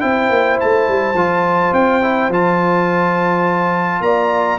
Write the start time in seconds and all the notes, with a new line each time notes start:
0.00 C4 E4 C5 G5
0.29 A#3
0.60 A3 A5
0.88 G3
1.14 F3 F4
1.72 C4 G5
2.02 E4
2.29 F3 F4 A5
4.00 A#3 D5 A#5